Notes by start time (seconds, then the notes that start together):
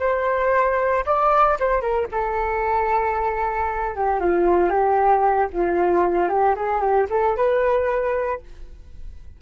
0.00 C5
1.06 D5
1.60 C5
1.81 A#4
2.12 A4
3.95 G4
4.20 F4
4.70 G4
5.53 F4
6.29 G4
6.56 G#4
6.81 G4
7.11 A4
7.37 B4